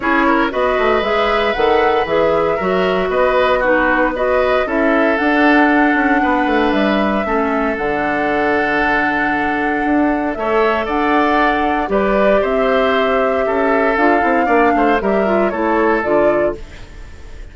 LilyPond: <<
  \new Staff \with { instrumentName = "flute" } { \time 4/4 \tempo 4 = 116 cis''4 dis''4 e''4 fis''4 | e''2 dis''4 b'4 | dis''4 e''4 fis''2~ | fis''4 e''2 fis''4~ |
fis''1 | e''4 fis''2 d''4 | e''2. f''4~ | f''4 e''4 cis''4 d''4 | }
  \new Staff \with { instrumentName = "oboe" } { \time 4/4 gis'8 ais'8 b'2.~ | b'4 ais'4 b'4 fis'4 | b'4 a'2. | b'2 a'2~ |
a'1 | cis''4 d''2 b'4 | c''2 a'2 | d''8 c''8 ais'4 a'2 | }
  \new Staff \with { instrumentName = "clarinet" } { \time 4/4 e'4 fis'4 gis'4 a'4 | gis'4 fis'2 dis'4 | fis'4 e'4 d'2~ | d'2 cis'4 d'4~ |
d'1 | a'2. g'4~ | g'2. f'8 e'8 | d'4 g'8 f'8 e'4 f'4 | }
  \new Staff \with { instrumentName = "bassoon" } { \time 4/4 cis'4 b8 a8 gis4 dis4 | e4 fis4 b2~ | b4 cis'4 d'4. cis'8 | b8 a8 g4 a4 d4~ |
d2. d'4 | a4 d'2 g4 | c'2 cis'4 d'8 c'8 | ais8 a8 g4 a4 d4 | }
>>